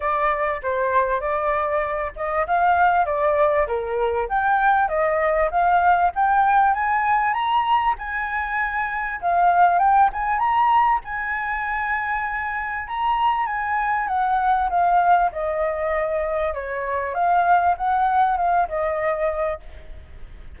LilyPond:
\new Staff \with { instrumentName = "flute" } { \time 4/4 \tempo 4 = 98 d''4 c''4 d''4. dis''8 | f''4 d''4 ais'4 g''4 | dis''4 f''4 g''4 gis''4 | ais''4 gis''2 f''4 |
g''8 gis''8 ais''4 gis''2~ | gis''4 ais''4 gis''4 fis''4 | f''4 dis''2 cis''4 | f''4 fis''4 f''8 dis''4. | }